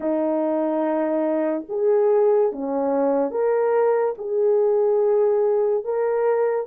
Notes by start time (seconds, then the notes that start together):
0.00 D#4
1.69 G#4
2.52 C#4
3.31 A#4
4.17 G#4
5.84 A#4